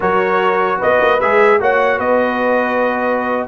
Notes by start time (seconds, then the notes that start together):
0.00 F#3 F#4 A#4 C#5
0.78 B3 B4 D#5
1.01 A#3
1.20 G#3 G#4 E5
1.60 A#3 F#4 C#5 F#5
1.97 B3 B4 D#5